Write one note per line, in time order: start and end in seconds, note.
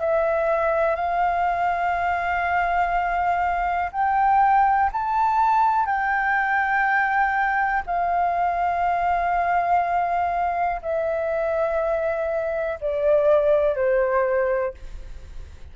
0.00 0.95 E5
0.95 3.90 F5
3.92 4.90 G5
4.92 5.86 A5
5.86 7.82 G5
7.86 10.81 F5
10.82 12.78 E5
12.80 13.75 D5
13.75 14.74 C5